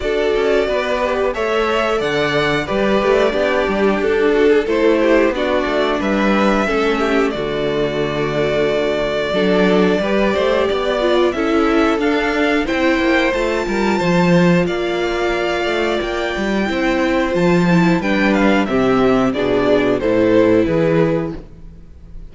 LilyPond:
<<
  \new Staff \with { instrumentName = "violin" } { \time 4/4 \tempo 4 = 90 d''2 e''4 fis''4 | d''2 a'4 c''4 | d''4 e''2 d''4~ | d''1~ |
d''4 e''4 f''4 g''4 | a''2 f''2 | g''2 a''4 g''8 f''8 | e''4 d''4 c''4 b'4 | }
  \new Staff \with { instrumentName = "violin" } { \time 4/4 a'4 b'4 cis''4 d''4 | b'4 g'4. fis'16 gis'16 a'8 g'8 | fis'4 b'4 a'8 g'8 fis'4~ | fis'2 a'4 b'8 c''8 |
d''4 a'2 c''4~ | c''8 ais'8 c''4 d''2~ | d''4 c''2 b'4 | g'4 gis'4 a'4 gis'4 | }
  \new Staff \with { instrumentName = "viola" } { \time 4/4 fis'4. g'8 a'2 | g'4 d'2 e'4 | d'2 cis'4 a4~ | a2 d'4 g'4~ |
g'8 f'8 e'4 d'4 e'4 | f'1~ | f'4 e'4 f'8 e'8 d'4 | c'4 d'4 e'2 | }
  \new Staff \with { instrumentName = "cello" } { \time 4/4 d'8 cis'8 b4 a4 d4 | g8 a8 b8 g8 d'4 a4 | b8 a8 g4 a4 d4~ | d2 fis4 g8 a8 |
b4 cis'4 d'4 c'8 ais8 | a8 g8 f4 ais4. a8 | ais8 g8 c'4 f4 g4 | c4 b,4 a,4 e4 | }
>>